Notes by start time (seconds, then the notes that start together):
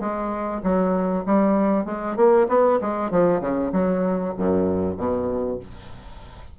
0.00 G#3
0.63 F#3
1.26 G3
1.85 G#3
2.16 A#3
2.48 B3
2.81 G#3
3.10 F3
3.40 C#3
3.72 F#3
4.37 F#2
4.97 B2